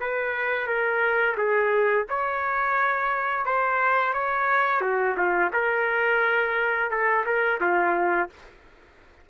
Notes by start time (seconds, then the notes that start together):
0.00 B4
0.66 A#4
1.37 G#4
2.09 C#5
3.45 C5
4.13 C#5
4.81 F#4
5.17 F4
5.53 A#4
6.90 A4
7.25 A#4
7.60 F4